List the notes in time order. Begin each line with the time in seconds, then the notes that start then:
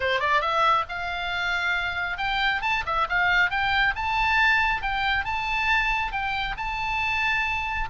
0.00 C5
0.20 D5
0.41 E5
0.89 F5
2.17 G5
2.61 A5
2.85 E5
3.09 F5
3.50 G5
3.95 A5
4.82 G5
5.25 A5
6.12 G5
6.57 A5